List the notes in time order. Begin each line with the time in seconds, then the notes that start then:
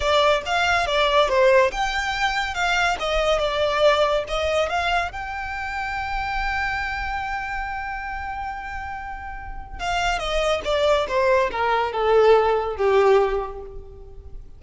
0.00 D5
0.45 F5
0.86 D5
1.28 C5
1.71 G5
2.54 F5
2.99 D#5
3.38 D5
4.27 D#5
4.69 F5
5.11 G5
9.79 F5
10.18 D#5
10.64 D5
11.08 C5
11.50 A#4
11.91 A4
12.76 G4